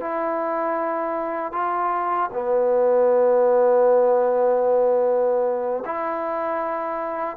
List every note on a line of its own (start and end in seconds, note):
0.00 1.52 E4
1.52 2.30 F4
2.33 5.83 B3
5.85 7.36 E4